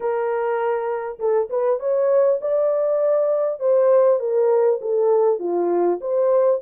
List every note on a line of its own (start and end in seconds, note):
0.00 1.18 A#4
1.19 1.49 A4
1.49 1.79 B4
1.79 2.39 C#5
2.41 3.59 D5
3.59 4.19 C5
4.19 4.79 A#4
4.81 5.39 A4
5.39 5.99 F4
6.00 6.60 C5